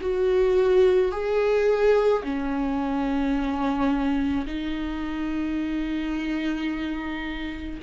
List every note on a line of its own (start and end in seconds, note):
0.00 1.11 F#4
1.11 2.22 G#4
2.23 4.45 C#4
4.46 7.79 D#4